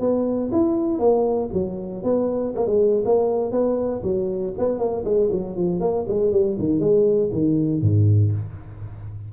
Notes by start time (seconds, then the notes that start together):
0.00 B3
0.52 E4
0.99 A#3
1.53 F#3
2.04 B3
2.56 A#3
2.66 G#3
3.05 A#3
3.52 B3
4.03 F#3
4.58 B3
4.79 A#3
5.05 G#3
5.32 F#3
5.57 F3
5.81 A#3
6.08 G#3
6.32 G3
6.59 D#3
6.80 G#3
7.32 D#3
7.82 G#2